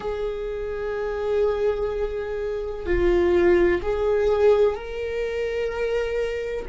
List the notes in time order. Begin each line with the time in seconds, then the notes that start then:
0.00 G#4
2.86 F4
3.81 G#4
4.75 A#4